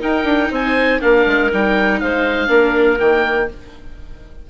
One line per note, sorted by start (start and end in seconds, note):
0.00 0.99 D#4
0.00 0.23 D#4
0.00 0.50 A#4
0.00 0.52 G5
0.23 0.48 D4
0.50 1.01 C4
0.50 1.00 C5
0.50 1.02 G#5
1.01 1.26 A#3
1.01 1.50 D4
1.01 2.00 A#4
1.01 1.51 F5
1.26 1.51 G#3
1.51 2.02 G3
1.51 2.47 D#4
1.51 2.00 G5
2.00 2.48 G#3
2.00 2.49 C5
2.00 2.99 F5
2.47 2.98 A#3
2.47 2.97 D4
2.47 3.48 A#4
2.99 3.49 D#3
2.99 3.48 A#3
2.99 3.49 G5